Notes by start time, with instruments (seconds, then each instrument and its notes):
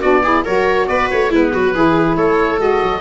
0.00 tuba B3, saxophone D4, viola F#4, oboe D5
0.23 saxophone E4, viola G#4
0.44 tuba F#3, saxophone F#4, viola A#4, oboe C#5
0.88 tuba B3, viola B4, oboe D5
1.10 tuba A3, oboe C#5
1.30 tuba G#3, saxophone B3, viola E4, oboe B4
1.53 tuba F#3, viola F#4
1.75 tuba E3, saxophone E4, viola G#4
2.16 tuba A3, viola A4, oboe C#5
2.58 tuba G#3, saxophone F#4, oboe D#5
2.82 tuba F#3